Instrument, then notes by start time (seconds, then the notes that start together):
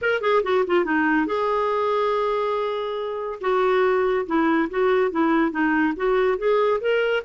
clarinet
0.01 A#4
0.21 G#4
0.43 F#4
0.66 F4
0.85 D#4
1.26 G#4
3.40 F#4
4.26 E4
4.70 F#4
5.11 E4
5.51 D#4
5.96 F#4
6.38 G#4
6.80 A#4